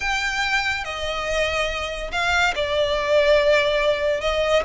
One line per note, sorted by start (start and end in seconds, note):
0.00 0.84 G5
0.84 2.11 D#5
2.11 2.54 F5
2.55 4.20 D5
4.20 4.63 D#5